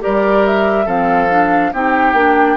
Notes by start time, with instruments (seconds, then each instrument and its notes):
0.00 clarinet G4, oboe A#4, flute D5
0.06 bassoon G3
0.46 flute E5
0.86 bassoon F3, clarinet C4, oboe A4, flute F5
1.30 clarinet D4
1.73 bassoon C4, clarinet D#4, oboe G4, flute G5
2.13 bassoon A#3, clarinet D4